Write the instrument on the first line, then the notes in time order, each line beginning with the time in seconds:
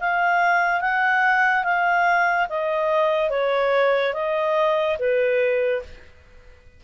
clarinet
0.00 F5
0.81 F#5
1.64 F5
2.49 D#5
3.30 C#5
4.14 D#5
4.99 B4